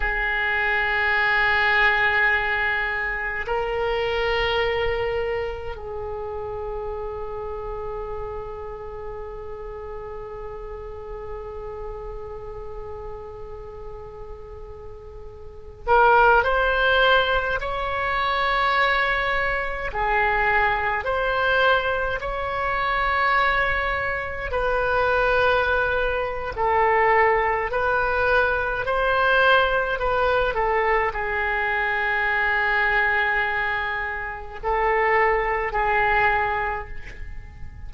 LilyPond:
\new Staff \with { instrumentName = "oboe" } { \time 4/4 \tempo 4 = 52 gis'2. ais'4~ | ais'4 gis'2.~ | gis'1~ | gis'4.~ gis'16 ais'8 c''4 cis''8.~ |
cis''4~ cis''16 gis'4 c''4 cis''8.~ | cis''4~ cis''16 b'4.~ b'16 a'4 | b'4 c''4 b'8 a'8 gis'4~ | gis'2 a'4 gis'4 | }